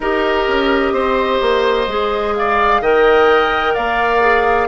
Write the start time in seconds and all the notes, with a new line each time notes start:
0.00 D#4 G4 A#4 D#5
0.47 C#4
0.92 C4 C5
1.41 A#3
1.87 G#3 G#4
2.36 D5 F5
2.80 D#3 A#4 D#5 G5
3.73 A#3 D5 F5
4.21 G#4